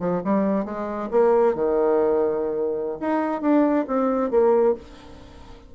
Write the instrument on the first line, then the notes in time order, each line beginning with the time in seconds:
bassoon
0.00 F3
0.24 G3
0.65 G#3
1.11 A#3
1.55 D#3
3.00 D#4
3.42 D4
3.87 C4
4.31 A#3